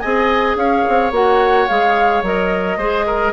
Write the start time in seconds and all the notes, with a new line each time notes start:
0.00 C4 G#4 D#5 G#5
0.56 C#4 C#5 F5
0.88 C4
1.11 A#3 F#4 F#5
1.68 G#3 G#4 F5
2.22 F#3 A#4 D#5
2.77 G#3 G#4 C5
3.06 A#4